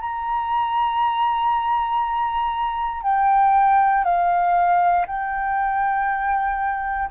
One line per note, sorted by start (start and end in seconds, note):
0.00 3.03 A#5
3.03 4.04 G5
4.04 5.06 F5
5.07 7.10 G5